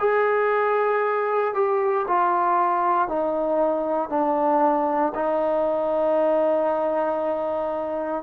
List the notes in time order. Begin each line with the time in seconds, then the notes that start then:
0.00 G#4
1.55 G4
2.08 F4
3.08 D#4
4.10 D4
5.15 D#4